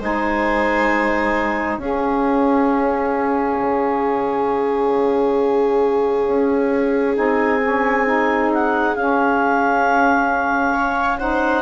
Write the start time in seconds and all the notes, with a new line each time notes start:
0.00 G#3 D#4 C5 G#5
1.77 C#4 G#4 F5
3.60 C#3
6.28 C#4
7.15 C4 D#4 G#5
7.63 C#4
8.06 D#4
8.54 F#5
8.96 C#4 F5
10.74 C#5
11.19 D#4 C5 F#5